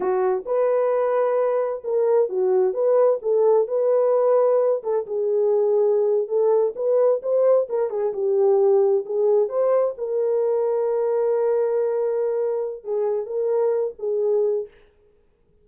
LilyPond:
\new Staff \with { instrumentName = "horn" } { \time 4/4 \tempo 4 = 131 fis'4 b'2. | ais'4 fis'4 b'4 a'4 | b'2~ b'8 a'8 gis'4~ | gis'4.~ gis'16 a'4 b'4 c''16~ |
c''8. ais'8 gis'8 g'2 gis'16~ | gis'8. c''4 ais'2~ ais'16~ | ais'1 | gis'4 ais'4. gis'4. | }